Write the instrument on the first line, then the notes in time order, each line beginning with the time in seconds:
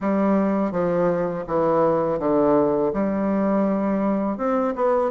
bassoon
0.00 G3
0.72 F3
1.47 E3
2.19 D3
2.93 G3
4.37 C4
4.75 B3